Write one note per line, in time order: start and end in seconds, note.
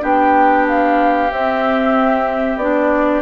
0.00 1.31 B3
0.00 1.29 D4
0.00 3.22 G4
0.00 0.67 G5
0.68 1.31 F5
1.31 2.56 C4
1.31 2.60 C4
1.31 2.58 E5
2.56 3.21 B3
2.56 3.22 D4
2.56 3.22 D5